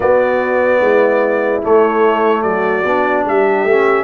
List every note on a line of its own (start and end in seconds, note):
0.00 0.80 B3
0.00 1.62 B3
0.00 0.80 F#4
0.00 1.62 D5
0.80 1.61 G#3
0.80 2.43 E4
1.62 2.84 A3
1.62 2.43 A3
1.62 2.42 C#5
2.42 2.84 F#3
2.42 3.24 F#4
2.42 3.23 D5
2.84 3.25 B3
2.84 3.68 D4
3.24 3.64 G3
3.24 4.04 G4
3.24 4.04 E5
3.64 4.04 A3
3.64 4.04 C#4